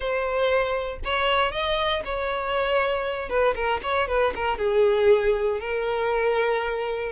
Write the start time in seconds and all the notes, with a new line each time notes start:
0.00 C5
1.04 C#5
1.51 D#5
2.04 C#5
3.29 B4
3.55 A#4
3.82 C#5
4.08 B4
4.35 A#4
4.58 G#4
5.60 A#4